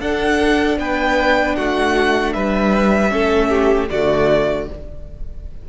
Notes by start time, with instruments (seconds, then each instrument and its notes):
0.00 cello D4, viola D4, violin A4 F#5
0.78 cello B3, violin B4 G5
1.56 cello A3, violin F#4 F#5
2.33 cello G3, violin B4 E5
3.09 cello A3, viola C#4, violin A4
3.50 violin G4
3.91 cello D3, viola A3, violin F#4 D5